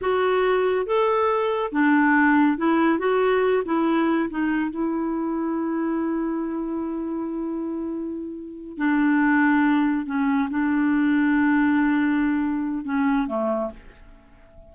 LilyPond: \new Staff \with { instrumentName = "clarinet" } { \time 4/4 \tempo 4 = 140 fis'2 a'2 | d'2 e'4 fis'4~ | fis'8 e'4. dis'4 e'4~ | e'1~ |
e'1~ | e'8 d'2. cis'8~ | cis'8 d'2.~ d'8~ | d'2 cis'4 a4 | }